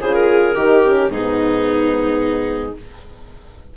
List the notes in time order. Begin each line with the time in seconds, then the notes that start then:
0.00 C#3 F4 G#4 C5
0.14 A#4
0.55 D#3 D#4 G4
0.84 C#4
1.09 G#2 B3 D#4 G#4